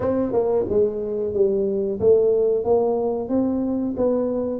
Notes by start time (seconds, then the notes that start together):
0.00 C4
0.32 A#3
0.69 G#3
1.33 G3
2.00 A3
2.64 A#3
3.28 C4
3.97 B3